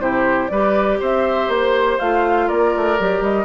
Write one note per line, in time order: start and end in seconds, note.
0.00 0.50 C3
0.00 0.50 E4
0.00 0.52 G4
0.00 0.49 C5
0.49 1.00 G3
0.49 2.01 G4
0.49 1.00 B4
0.49 0.98 D5
1.00 1.49 C4
1.00 2.47 C5
1.00 1.51 E5
1.49 1.98 A#3
1.49 2.00 C5
2.00 2.51 A3
2.00 2.99 F4
2.00 2.49 F5
2.47 2.76 A#3
2.47 3.45 A#4
2.47 3.23 D5
2.77 3.00 A3
2.99 3.21 F#3
2.99 3.45 G4
3.21 3.45 G3
3.21 3.45 D#5